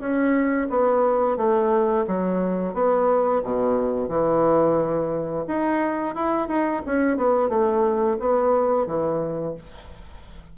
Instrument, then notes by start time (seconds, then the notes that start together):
bassoon
0.00 C#4
0.70 B3
1.37 A3
2.07 F#3
2.74 B3
3.43 B2
4.09 E3
5.47 D#4
6.15 E4
6.48 D#4
6.86 C#4
7.17 B3
7.49 A3
8.19 B3
8.87 E3